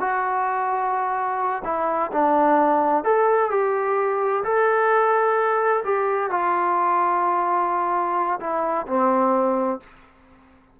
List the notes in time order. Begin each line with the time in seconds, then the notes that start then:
0.00 F#4
1.64 E4
2.12 D4
3.04 A4
3.51 G4
4.44 A4
5.85 G4
6.30 F4
8.40 E4
8.87 C4